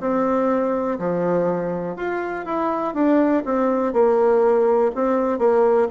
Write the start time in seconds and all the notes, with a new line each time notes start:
0.00 C4
0.98 F3
1.96 F4
2.45 E4
2.94 D4
3.45 C4
3.93 A#3
4.95 C4
5.39 A#3